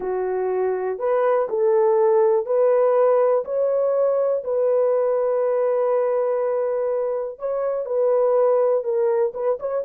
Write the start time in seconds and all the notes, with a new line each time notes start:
0.00 F#4
0.99 B4
1.49 A4
2.45 B4
3.44 C#5
4.44 B4
7.39 C#5
7.85 B4
8.83 A#4
9.34 B4
9.59 C#5